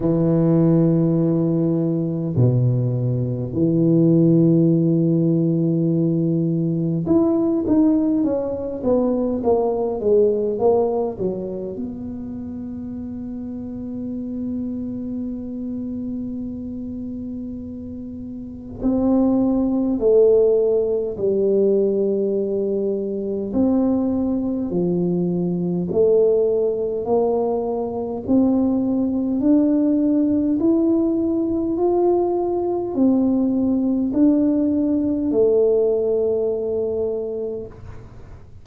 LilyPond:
\new Staff \with { instrumentName = "tuba" } { \time 4/4 \tempo 4 = 51 e2 b,4 e4~ | e2 e'8 dis'8 cis'8 b8 | ais8 gis8 ais8 fis8 b2~ | b1 |
c'4 a4 g2 | c'4 f4 a4 ais4 | c'4 d'4 e'4 f'4 | c'4 d'4 a2 | }